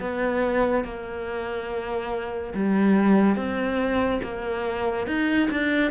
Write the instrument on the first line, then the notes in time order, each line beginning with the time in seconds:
cello
0.00 B3
0.84 A#3
2.54 G3
3.36 C4
4.23 A#3
5.07 D#4
5.50 D4